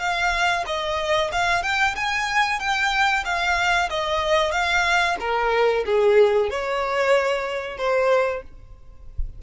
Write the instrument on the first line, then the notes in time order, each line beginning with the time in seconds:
violin
0.00 F5
0.67 D#5
1.33 F5
1.63 G5
1.96 G#5
2.60 G5
3.25 F5
3.90 D#5
4.52 F5
5.21 A#4
5.86 G#4
6.51 C#5
7.78 C5